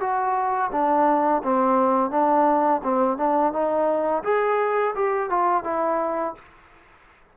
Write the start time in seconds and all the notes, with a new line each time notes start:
0.00 F#4
0.72 D4
1.43 C4
2.10 D4
2.83 C4
3.17 D4
3.52 D#4
4.23 G#4
4.95 G4
5.30 F4
5.63 E4